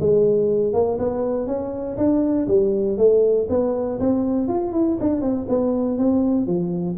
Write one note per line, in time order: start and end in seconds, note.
0.00 0.74 G#3
0.74 0.99 A#3
0.99 1.47 B3
1.47 1.97 C#4
1.98 2.48 D4
2.48 2.98 G3
2.98 3.48 A3
3.50 4.00 B3
4.00 4.49 C4
4.49 4.73 F4
4.73 4.98 E4
5.01 5.22 D4
5.22 5.47 C4
5.49 5.99 B3
5.99 6.47 C4
6.47 6.97 F3